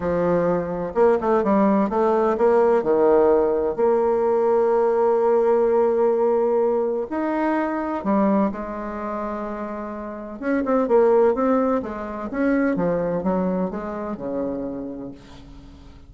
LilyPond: \new Staff \with { instrumentName = "bassoon" } { \time 4/4 \tempo 4 = 127 f2 ais8 a8 g4 | a4 ais4 dis2 | ais1~ | ais2. dis'4~ |
dis'4 g4 gis2~ | gis2 cis'8 c'8 ais4 | c'4 gis4 cis'4 f4 | fis4 gis4 cis2 | }